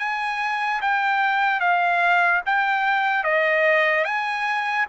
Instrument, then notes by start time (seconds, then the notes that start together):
trumpet
0.00 G#5
0.82 G5
1.61 F5
2.46 G5
3.24 D#5
4.05 G#5